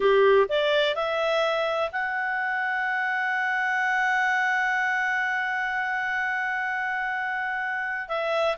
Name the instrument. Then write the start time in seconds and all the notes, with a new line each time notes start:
clarinet
0.00 G4
0.48 D5
0.95 E5
1.92 F#5
8.08 E5